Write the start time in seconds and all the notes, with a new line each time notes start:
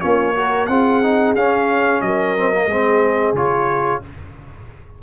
0.00 A#3 C#4 F4 C#5
0.34 F#4 A#4
0.66 C4 F4 G#4 F#5
1.03 D#4
1.34 C#4 F5
2.01 F#3 A#4 D#5
2.37 C4
2.53 A#3
2.66 G#3 C4 G#4
3.33 C#3 F4 C#5